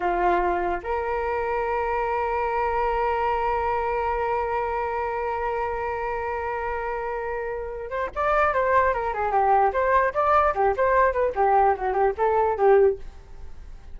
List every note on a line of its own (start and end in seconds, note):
0.00 0.80 F4
0.83 7.89 A#4
7.89 8.10 C5
8.15 8.53 D5
8.53 8.93 C5
8.93 9.13 A#4
9.13 9.31 G#4
9.31 9.72 G4
9.72 10.13 C5
10.13 10.54 D5
10.54 10.75 G4
10.76 11.12 C5
11.12 11.33 B4
11.35 11.75 G4
11.76 11.93 F#4
11.93 12.13 G4
12.17 12.57 A4
12.57 12.98 G4